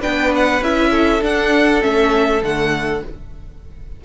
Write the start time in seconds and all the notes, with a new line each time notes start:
0.00 B3 D4 B4 G5
0.35 F#5
0.61 C#4 E4 E5
0.91 A4
1.21 D4 F#5
1.80 A3 C#4 E5
2.42 D3 A3 F#5